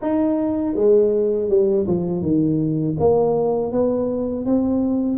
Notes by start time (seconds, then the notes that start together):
0.01 D#4
0.75 G#3
1.49 G3
1.87 F3
2.22 D#3
2.99 A#3
3.71 B3
4.45 C4